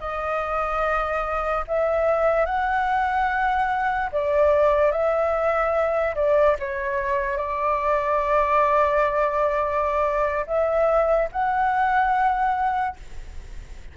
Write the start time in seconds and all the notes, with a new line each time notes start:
0.00 D#5
1.68 E5
2.45 F#5
4.12 D5
4.91 E5
6.15 D5
6.59 C#5
7.37 D5
10.47 E5
11.32 F#5